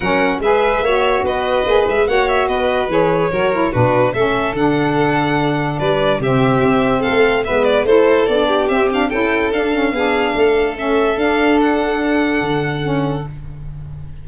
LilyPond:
<<
  \new Staff \with { instrumentName = "violin" } { \time 4/4 \tempo 4 = 145 fis''4 e''2 dis''4~ | dis''8 e''8 fis''8 e''8 dis''4 cis''4~ | cis''4 b'4 e''4 fis''4~ | fis''2 d''4 e''4~ |
e''4 f''4 e''8 d''8 c''4 | d''4 e''8 f''8 g''4 f''4~ | f''2 e''4 f''4 | fis''1 | }
  \new Staff \with { instrumentName = "violin" } { \time 4/4 ais'4 b'4 cis''4 b'4~ | b'4 cis''4 b'2 | ais'4 fis'4 a'2~ | a'2 b'4 g'4~ |
g'4 a'4 b'4 a'4~ | a'8 g'4. a'2 | gis'4 a'2.~ | a'1 | }
  \new Staff \with { instrumentName = "saxophone" } { \time 4/4 cis'4 gis'4 fis'2 | gis'4 fis'2 gis'4 | fis'8 e'8 d'4 cis'4 d'4~ | d'2. c'4~ |
c'2 b4 e'4 | d'4 c'8 d'8 e'4 d'8 cis'8 | d'2 cis'4 d'4~ | d'2. cis'4 | }
  \new Staff \with { instrumentName = "tuba" } { \time 4/4 fis4 gis4 ais4 b4 | ais8 gis8 ais4 b4 e4 | fis4 b,4 a4 d4~ | d2 g4 c4 |
c'4 a4 gis4 a4 | b4 c'4 cis'4 d'4 | b4 a2 d'4~ | d'2 d2 | }
>>